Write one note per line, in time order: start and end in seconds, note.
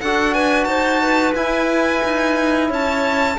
0.00 0.65 D4
0.00 1.34 F#4
0.00 0.34 A4
0.00 0.34 F#5
0.34 0.67 B4
0.34 0.64 G#5
0.64 1.33 D#4
0.64 1.01 C5
0.64 1.31 A5
1.02 2.69 B4
1.34 2.02 E4
1.34 3.37 E4
1.34 2.70 G#5
2.04 2.70 D#4
2.69 3.37 C#4
2.69 3.36 C#5
2.69 3.38 A5